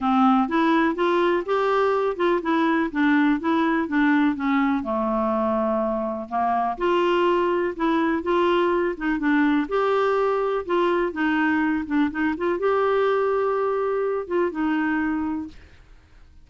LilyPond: \new Staff \with { instrumentName = "clarinet" } { \time 4/4 \tempo 4 = 124 c'4 e'4 f'4 g'4~ | g'8 f'8 e'4 d'4 e'4 | d'4 cis'4 a2~ | a4 ais4 f'2 |
e'4 f'4. dis'8 d'4 | g'2 f'4 dis'4~ | dis'8 d'8 dis'8 f'8 g'2~ | g'4. f'8 dis'2 | }